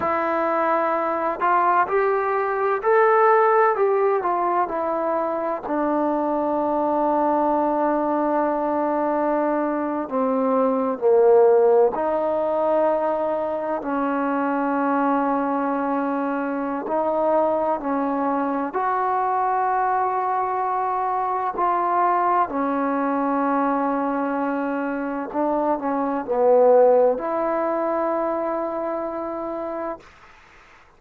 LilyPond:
\new Staff \with { instrumentName = "trombone" } { \time 4/4 \tempo 4 = 64 e'4. f'8 g'4 a'4 | g'8 f'8 e'4 d'2~ | d'2~ d'8. c'4 ais16~ | ais8. dis'2 cis'4~ cis'16~ |
cis'2 dis'4 cis'4 | fis'2. f'4 | cis'2. d'8 cis'8 | b4 e'2. | }